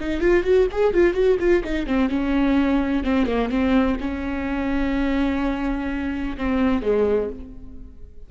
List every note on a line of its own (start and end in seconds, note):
0.00 0.21 D#4
0.21 0.44 F4
0.44 0.67 F#4
0.72 0.94 G#4
0.94 1.14 F4
1.14 1.37 F#4
1.40 1.63 F4
1.64 1.86 D#4
1.86 2.09 C4
2.09 3.03 C#4
3.04 3.26 C4
3.26 3.49 A#3
3.49 3.96 C4
4.00 6.37 C#4
6.37 6.82 C4
6.82 7.29 G#3